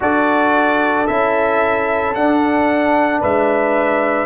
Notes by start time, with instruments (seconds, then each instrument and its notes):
0.00 tuba D4, trombone F#4, horn A4, trumpet D5
1.06 tuba C#4, trombone E4, trumpet E5
2.14 tuba D4, trombone D4, trumpet F#5
3.20 tuba G#3, horn B4, trumpet E5